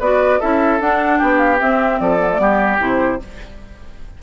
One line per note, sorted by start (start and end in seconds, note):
0.00 0.40 B3
0.00 0.41 F#4
0.00 0.40 B4
0.00 0.41 D5
0.40 0.80 C#4
0.40 0.81 E4
0.40 1.19 A4
0.40 0.81 E5
0.80 1.20 D4
0.80 1.59 D4
0.80 1.19 F#5
1.19 1.61 B3
1.19 1.99 G4
1.19 1.38 G5
1.38 1.58 F5
1.59 2.19 C4
1.59 2.00 C4
1.59 2.00 E5
2.00 2.39 F3
2.00 2.41 A4
2.00 2.80 D5
2.20 2.29 B3
2.31 2.39 A3
2.39 2.79 G3
2.39 2.79 B3
2.39 3.21 G4
2.80 3.21 C3
2.80 3.20 E4
2.80 3.23 C5